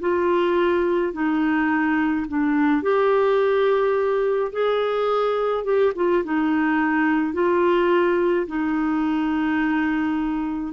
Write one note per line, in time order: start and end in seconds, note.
0.00 1.13 F4
1.13 2.26 D#4
2.28 2.83 D4
2.83 4.52 G4
4.52 5.64 G#4
5.64 5.93 G4
5.95 6.24 F4
6.24 7.33 D#4
7.33 8.46 F4
8.47 10.73 D#4